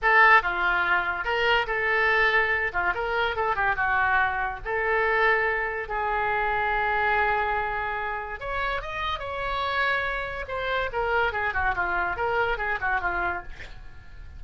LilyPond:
\new Staff \with { instrumentName = "oboe" } { \time 4/4 \tempo 4 = 143 a'4 f'2 ais'4 | a'2~ a'8 f'8 ais'4 | a'8 g'8 fis'2 a'4~ | a'2 gis'2~ |
gis'1 | cis''4 dis''4 cis''2~ | cis''4 c''4 ais'4 gis'8 fis'8 | f'4 ais'4 gis'8 fis'8 f'4 | }